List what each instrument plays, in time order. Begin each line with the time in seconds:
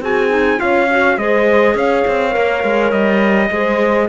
0.00 cello C4, clarinet F#4, horn G#4, trumpet G#5
0.29 clarinet D#4
0.57 cello C#4, clarinet F4, horn C#5, trumpet F5
0.90 clarinet F#4
1.17 cello G#3, clarinet G#4, horn C5, trumpet D#5
1.75 cello C#4, horn C#5, trumpet F5
2.07 cello C4
2.30 cello A#3, clarinet A#4
2.64 cello G#3
2.91 cello G3, trumpet D#5
3.50 cello G#3, clarinet G#4, horn C5